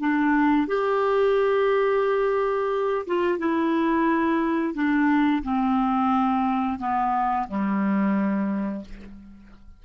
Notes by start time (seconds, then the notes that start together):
0.00 D4
0.68 G4
3.07 F4
3.39 E4
4.74 D4
5.43 C4
6.79 B3
7.48 G3